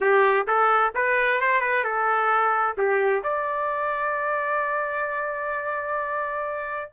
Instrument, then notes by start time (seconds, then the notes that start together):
trumpet
0.00 G4
0.47 A4
0.94 B4
1.41 C5
1.60 B4
1.83 A4
2.77 G4
3.23 D5